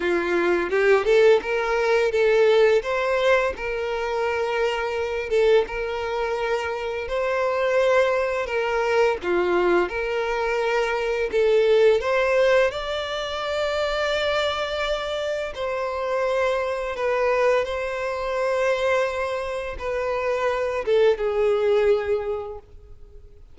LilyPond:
\new Staff \with { instrumentName = "violin" } { \time 4/4 \tempo 4 = 85 f'4 g'8 a'8 ais'4 a'4 | c''4 ais'2~ ais'8 a'8 | ais'2 c''2 | ais'4 f'4 ais'2 |
a'4 c''4 d''2~ | d''2 c''2 | b'4 c''2. | b'4. a'8 gis'2 | }